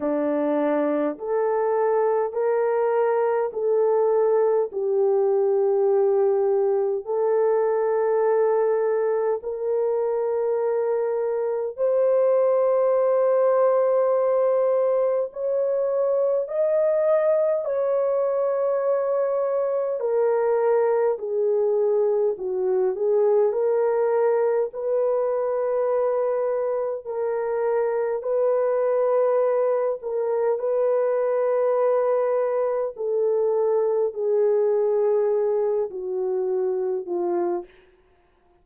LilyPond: \new Staff \with { instrumentName = "horn" } { \time 4/4 \tempo 4 = 51 d'4 a'4 ais'4 a'4 | g'2 a'2 | ais'2 c''2~ | c''4 cis''4 dis''4 cis''4~ |
cis''4 ais'4 gis'4 fis'8 gis'8 | ais'4 b'2 ais'4 | b'4. ais'8 b'2 | a'4 gis'4. fis'4 f'8 | }